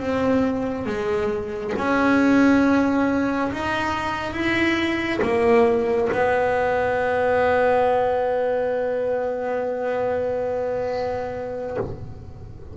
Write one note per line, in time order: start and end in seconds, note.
0.00 0.87 C4
0.87 1.74 G#3
1.78 3.52 C#4
3.53 4.34 D#4
4.34 5.21 E4
5.23 6.09 A#3
6.13 11.78 B3